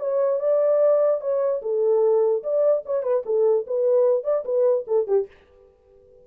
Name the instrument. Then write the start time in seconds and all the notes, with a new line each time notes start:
horn
0.00 C#5
0.40 D5
1.21 C#5
1.62 A4
2.43 D5
2.86 C#5
3.03 B4
3.26 A4
3.67 B4
4.24 D5
4.45 B4
4.88 A4
5.07 G4